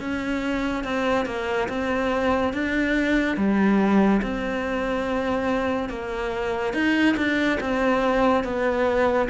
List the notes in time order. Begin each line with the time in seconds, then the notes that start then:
0.00 C#4
0.84 C4
1.26 A#3
1.69 C4
2.54 D4
3.37 G3
4.22 C4
5.90 A#3
6.74 D#4
7.17 D4
7.61 C4
8.44 B3